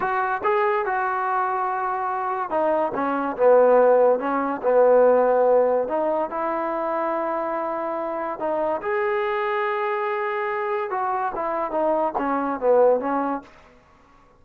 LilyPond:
\new Staff \with { instrumentName = "trombone" } { \time 4/4 \tempo 4 = 143 fis'4 gis'4 fis'2~ | fis'2 dis'4 cis'4 | b2 cis'4 b4~ | b2 dis'4 e'4~ |
e'1 | dis'4 gis'2.~ | gis'2 fis'4 e'4 | dis'4 cis'4 b4 cis'4 | }